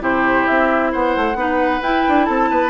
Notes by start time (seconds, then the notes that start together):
0.00 C3 E4 G4 C5
0.46 C4 E5
0.92 B3 C5 F#5
1.16 A3
1.35 B3 D#4 B4
1.82 E4 G5
2.08 D4
2.25 C4 A4 A5
2.50 B3 B4